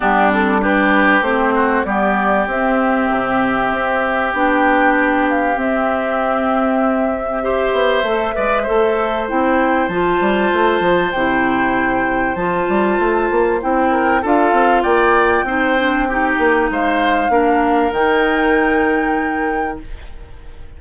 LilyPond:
<<
  \new Staff \with { instrumentName = "flute" } { \time 4/4 \tempo 4 = 97 g'8 a'8 b'4 c''4 d''4 | e''2. g''4~ | g''8 f''8 e''2.~ | e''2. g''4 |
a''2 g''2 | a''2 g''4 f''4 | g''2. f''4~ | f''4 g''2. | }
  \new Staff \with { instrumentName = "oboe" } { \time 4/4 d'4 g'4. fis'8 g'4~ | g'1~ | g'1 | c''4. d''8 c''2~ |
c''1~ | c''2~ c''8 ais'8 a'4 | d''4 c''4 g'4 c''4 | ais'1 | }
  \new Staff \with { instrumentName = "clarinet" } { \time 4/4 b8 c'8 d'4 c'4 b4 | c'2. d'4~ | d'4 c'2. | g'4 a'8 b'8 a'4 e'4 |
f'2 e'2 | f'2 e'4 f'4~ | f'4 dis'8 d'8 dis'2 | d'4 dis'2. | }
  \new Staff \with { instrumentName = "bassoon" } { \time 4/4 g2 a4 g4 | c'4 c4 c'4 b4~ | b4 c'2.~ | c'8 b8 a8 gis8 a4 c'4 |
f8 g8 a8 f8 c2 | f8 g8 a8 ais8 c'4 d'8 c'8 | ais4 c'4. ais8 gis4 | ais4 dis2. | }
>>